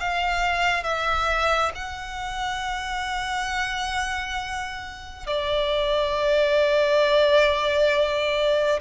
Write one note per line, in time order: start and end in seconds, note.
0.00 0.84 F5
0.84 1.72 E5
1.75 5.27 F#5
5.27 8.80 D5